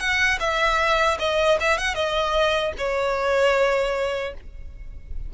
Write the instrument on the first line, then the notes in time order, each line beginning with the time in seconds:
violin
0.00 F#5
0.40 E5
1.19 D#5
1.60 E5
1.78 F#5
1.95 D#5
2.78 C#5